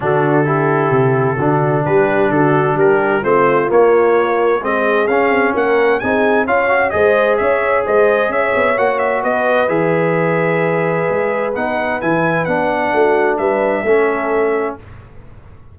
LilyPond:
<<
  \new Staff \with { instrumentName = "trumpet" } { \time 4/4 \tempo 4 = 130 a'1 | b'4 a'4 ais'4 c''4 | cis''2 dis''4 f''4 | fis''4 gis''4 f''4 dis''4 |
e''4 dis''4 e''4 fis''8 e''8 | dis''4 e''2.~ | e''4 fis''4 gis''4 fis''4~ | fis''4 e''2. | }
  \new Staff \with { instrumentName = "horn" } { \time 4/4 fis'4 g'2 fis'4 | g'4 fis'4 g'4 f'4~ | f'2 gis'2 | ais'4 gis'4 cis''4 c''4 |
cis''4 c''4 cis''2 | b'1~ | b'1 | fis'4 b'4 a'2 | }
  \new Staff \with { instrumentName = "trombone" } { \time 4/4 d'4 e'2 d'4~ | d'2. c'4 | ais2 c'4 cis'4~ | cis'4 dis'4 f'8 fis'8 gis'4~ |
gis'2. fis'4~ | fis'4 gis'2.~ | gis'4 dis'4 e'4 d'4~ | d'2 cis'2 | }
  \new Staff \with { instrumentName = "tuba" } { \time 4/4 d2 c4 d4 | g4 d4 g4 a4 | ais2 gis4 cis'8 c'8 | ais4 c'4 cis'4 gis4 |
cis'4 gis4 cis'8 b8 ais4 | b4 e2. | gis4 b4 e4 b4 | a4 g4 a2 | }
>>